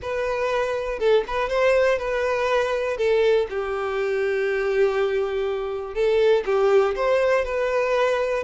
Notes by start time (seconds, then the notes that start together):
0.02 B4
0.99 A4
1.27 B4
1.49 C5
1.98 B4
2.97 A4
3.49 G4
5.94 A4
6.45 G4
6.95 C5
7.44 B4